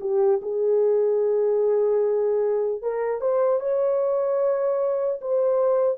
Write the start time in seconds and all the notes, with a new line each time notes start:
0.00 G4
0.41 G#4
2.81 A#4
3.20 C5
3.60 C#5
5.21 C5